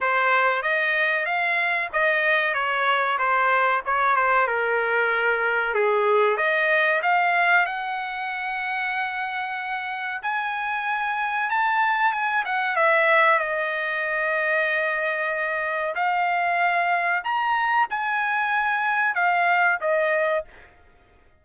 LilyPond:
\new Staff \with { instrumentName = "trumpet" } { \time 4/4 \tempo 4 = 94 c''4 dis''4 f''4 dis''4 | cis''4 c''4 cis''8 c''8 ais'4~ | ais'4 gis'4 dis''4 f''4 | fis''1 |
gis''2 a''4 gis''8 fis''8 | e''4 dis''2.~ | dis''4 f''2 ais''4 | gis''2 f''4 dis''4 | }